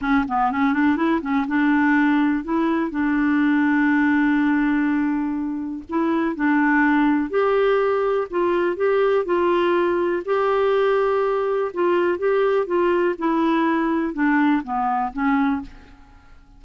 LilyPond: \new Staff \with { instrumentName = "clarinet" } { \time 4/4 \tempo 4 = 123 cis'8 b8 cis'8 d'8 e'8 cis'8 d'4~ | d'4 e'4 d'2~ | d'1 | e'4 d'2 g'4~ |
g'4 f'4 g'4 f'4~ | f'4 g'2. | f'4 g'4 f'4 e'4~ | e'4 d'4 b4 cis'4 | }